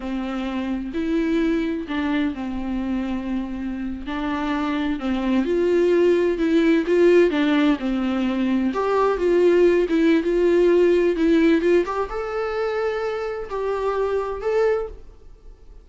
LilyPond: \new Staff \with { instrumentName = "viola" } { \time 4/4 \tempo 4 = 129 c'2 e'2 | d'4 c'2.~ | c'8. d'2 c'4 f'16~ | f'4.~ f'16 e'4 f'4 d'16~ |
d'8. c'2 g'4 f'16~ | f'4~ f'16 e'8. f'2 | e'4 f'8 g'8 a'2~ | a'4 g'2 a'4 | }